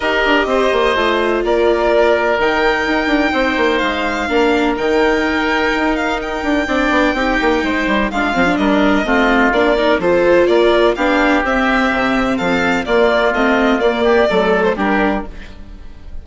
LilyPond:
<<
  \new Staff \with { instrumentName = "violin" } { \time 4/4 \tempo 4 = 126 dis''2. d''4~ | d''4 g''2. | f''2 g''2~ | g''8 f''8 g''2.~ |
g''4 f''4 dis''2 | d''4 c''4 d''4 f''4 | e''2 f''4 d''4 | dis''4 d''4.~ d''16 c''16 ais'4 | }
  \new Staff \with { instrumentName = "oboe" } { \time 4/4 ais'4 c''2 ais'4~ | ais'2. c''4~ | c''4 ais'2.~ | ais'2 d''4 g'4 |
c''4 f'4 ais'4 f'4~ | f'8 ais'8 a'4 ais'4 g'4~ | g'2 a'4 f'4~ | f'4. g'8 a'4 g'4 | }
  \new Staff \with { instrumentName = "viola" } { \time 4/4 g'2 f'2~ | f'4 dis'2.~ | dis'4 d'4 dis'2~ | dis'2 d'4 dis'4~ |
dis'4 d'8 c'16 d'4~ d'16 c'4 | d'8 dis'8 f'2 d'4 | c'2. ais4 | c'4 ais4 a4 d'4 | }
  \new Staff \with { instrumentName = "bassoon" } { \time 4/4 dis'8 d'8 c'8 ais8 a4 ais4~ | ais4 dis4 dis'8 d'8 c'8 ais8 | gis4 ais4 dis2 | dis'4. d'8 c'8 b8 c'8 ais8 |
gis8 g8 gis8 f8 g4 a4 | ais4 f4 ais4 b4 | c'4 c4 f4 ais4 | a4 ais4 fis4 g4 | }
>>